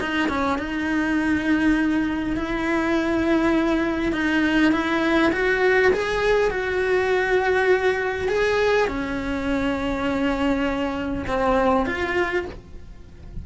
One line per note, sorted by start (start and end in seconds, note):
0.00 0.29 D#4
0.29 0.59 C#4
0.59 2.37 D#4
2.37 4.13 E4
4.13 4.72 D#4
4.72 5.32 E4
5.33 5.92 F#4
5.93 6.51 G#4
6.51 8.29 F#4
8.29 8.88 G#4
8.88 11.25 C#4
11.28 11.86 C4
11.86 12.46 F4